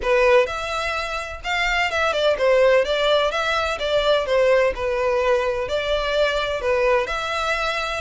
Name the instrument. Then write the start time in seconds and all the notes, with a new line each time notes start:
violin
0.02 B4
0.46 E5
1.44 F5
1.90 E5
2.12 D5
2.38 C5
2.84 D5
3.31 E5
3.79 D5
4.25 C5
4.75 B4
5.68 D5
6.61 B4
7.06 E5